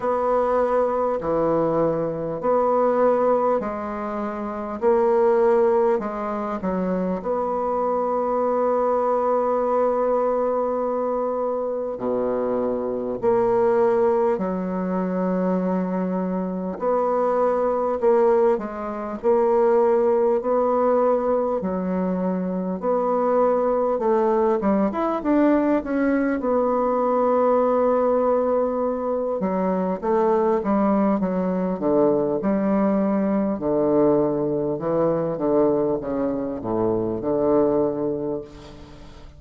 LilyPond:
\new Staff \with { instrumentName = "bassoon" } { \time 4/4 \tempo 4 = 50 b4 e4 b4 gis4 | ais4 gis8 fis8 b2~ | b2 b,4 ais4 | fis2 b4 ais8 gis8 |
ais4 b4 fis4 b4 | a8 g16 e'16 d'8 cis'8 b2~ | b8 fis8 a8 g8 fis8 d8 g4 | d4 e8 d8 cis8 a,8 d4 | }